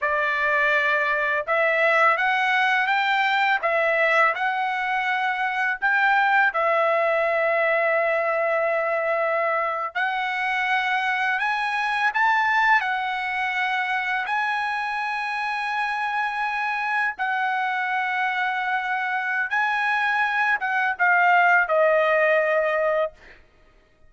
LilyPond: \new Staff \with { instrumentName = "trumpet" } { \time 4/4 \tempo 4 = 83 d''2 e''4 fis''4 | g''4 e''4 fis''2 | g''4 e''2.~ | e''4.~ e''16 fis''2 gis''16~ |
gis''8. a''4 fis''2 gis''16~ | gis''2.~ gis''8. fis''16~ | fis''2. gis''4~ | gis''8 fis''8 f''4 dis''2 | }